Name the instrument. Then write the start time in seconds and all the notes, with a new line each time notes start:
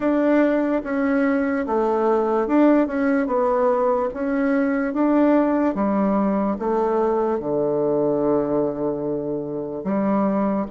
bassoon
0.00 D4
0.83 C#4
1.66 A3
2.47 D4
2.87 C#4
3.27 B3
4.13 C#4
4.93 D4
5.75 G3
6.58 A3
7.39 D3
9.84 G3